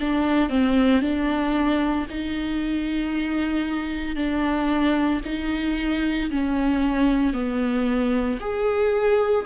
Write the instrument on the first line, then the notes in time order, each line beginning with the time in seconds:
viola
0.00 D4
0.49 C4
1.01 D4
2.10 D#4
4.16 D4
5.25 D#4
6.31 C#4
7.33 B3
8.40 G#4